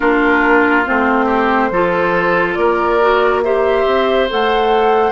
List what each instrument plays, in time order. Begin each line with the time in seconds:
0.00 bassoon A#3, clarinet D4, oboe F4, flute A#4
0.85 bassoon A3, clarinet C4, flute C5
1.25 oboe G4
1.70 bassoon F3, clarinet F4, oboe A4
2.54 bassoon A#3, oboe A#4, flute D5
3.01 clarinet F#4
3.43 clarinet G4, oboe C5, flute E5
3.85 bassoon C4
4.28 bassoon A3, clarinet A4, flute F#5